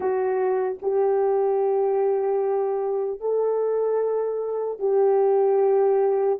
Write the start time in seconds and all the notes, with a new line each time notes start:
0.00 F#4
0.81 G4
3.20 A4
4.79 G4